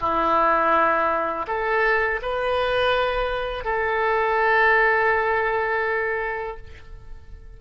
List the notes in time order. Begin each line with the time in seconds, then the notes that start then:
0.00 E4
1.47 A4
2.22 B4
3.64 A4